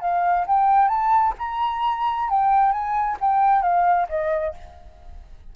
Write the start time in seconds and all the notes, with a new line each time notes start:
0.00 F5
0.46 G5
0.88 A5
1.38 A#5
2.29 G5
2.71 G#5
3.20 G5
3.61 F5
4.08 D#5